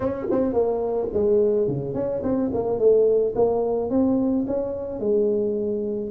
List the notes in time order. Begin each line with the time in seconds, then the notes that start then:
0.00 C#4
0.31 C4
0.53 A#3
1.13 G#3
1.67 C#3
1.94 C#4
2.23 C4
2.53 A#3
2.78 A3
3.35 A#3
3.90 C4
4.47 C#4
4.99 G#3